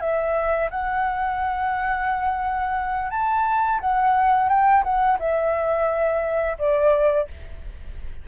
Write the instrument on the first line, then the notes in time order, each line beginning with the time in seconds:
flute
0.00 E5
0.70 F#5
3.10 A5
3.80 F#5
4.49 G5
4.83 F#5
5.19 E5
6.58 D5